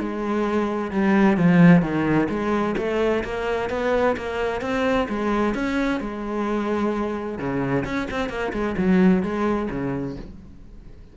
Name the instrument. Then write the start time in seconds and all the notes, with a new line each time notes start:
cello
0.00 G#3
0.92 G3
1.38 F3
1.82 D#3
2.30 G#3
2.78 A3
3.25 A#3
3.70 B3
4.17 A#3
4.62 C4
5.09 G#3
5.55 C#4
6.01 G#3
7.39 C#3
7.85 C#4
8.11 C4
8.30 A#3
8.53 G#3
8.78 F#3
9.23 G#3
9.71 C#3